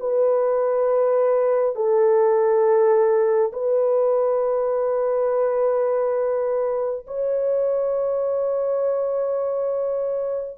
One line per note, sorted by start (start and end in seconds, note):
0.00 1.75 B4
1.75 3.52 A4
3.53 7.06 B4
7.07 10.58 C#5